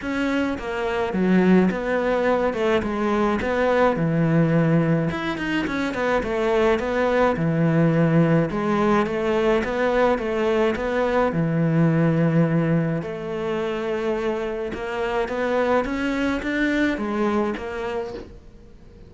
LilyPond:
\new Staff \with { instrumentName = "cello" } { \time 4/4 \tempo 4 = 106 cis'4 ais4 fis4 b4~ | b8 a8 gis4 b4 e4~ | e4 e'8 dis'8 cis'8 b8 a4 | b4 e2 gis4 |
a4 b4 a4 b4 | e2. a4~ | a2 ais4 b4 | cis'4 d'4 gis4 ais4 | }